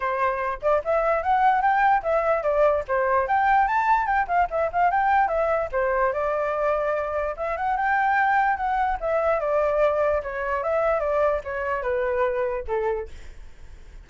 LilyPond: \new Staff \with { instrumentName = "flute" } { \time 4/4 \tempo 4 = 147 c''4. d''8 e''4 fis''4 | g''4 e''4 d''4 c''4 | g''4 a''4 g''8 f''8 e''8 f''8 | g''4 e''4 c''4 d''4~ |
d''2 e''8 fis''8 g''4~ | g''4 fis''4 e''4 d''4~ | d''4 cis''4 e''4 d''4 | cis''4 b'2 a'4 | }